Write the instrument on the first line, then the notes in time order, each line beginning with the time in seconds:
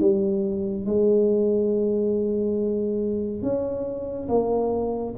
tuba
0.00 G3
0.86 G#3
3.42 C#4
4.29 A#3